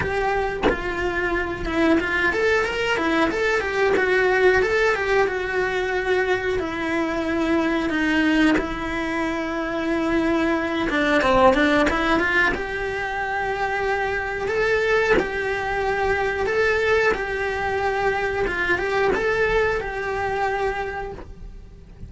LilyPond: \new Staff \with { instrumentName = "cello" } { \time 4/4 \tempo 4 = 91 g'4 f'4. e'8 f'8 a'8 | ais'8 e'8 a'8 g'8 fis'4 a'8 g'8 | fis'2 e'2 | dis'4 e'2.~ |
e'8 d'8 c'8 d'8 e'8 f'8 g'4~ | g'2 a'4 g'4~ | g'4 a'4 g'2 | f'8 g'8 a'4 g'2 | }